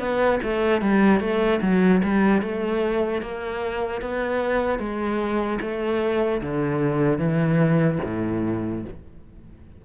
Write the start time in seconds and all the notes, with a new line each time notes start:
0.00 B3
0.44 A3
0.82 G3
1.21 A3
1.62 F#3
2.04 G3
2.42 A3
3.22 A#3
4.02 B3
4.80 G#3
5.61 A3
6.42 D3
7.19 E3
8.05 A2